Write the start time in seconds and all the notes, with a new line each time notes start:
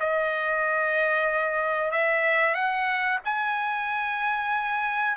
0.00 D#5
1.92 E5
2.55 F#5
3.25 G#5